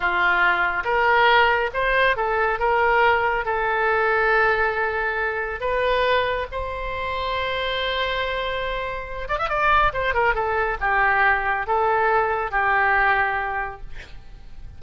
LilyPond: \new Staff \with { instrumentName = "oboe" } { \time 4/4 \tempo 4 = 139 f'2 ais'2 | c''4 a'4 ais'2 | a'1~ | a'4 b'2 c''4~ |
c''1~ | c''4. d''16 e''16 d''4 c''8 ais'8 | a'4 g'2 a'4~ | a'4 g'2. | }